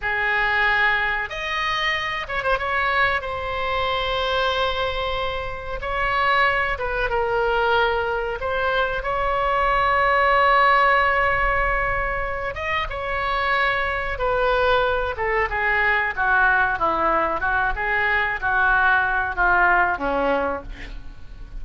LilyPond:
\new Staff \with { instrumentName = "oboe" } { \time 4/4 \tempo 4 = 93 gis'2 dis''4. cis''16 c''16 | cis''4 c''2.~ | c''4 cis''4. b'8 ais'4~ | ais'4 c''4 cis''2~ |
cis''2.~ cis''8 dis''8 | cis''2 b'4. a'8 | gis'4 fis'4 e'4 fis'8 gis'8~ | gis'8 fis'4. f'4 cis'4 | }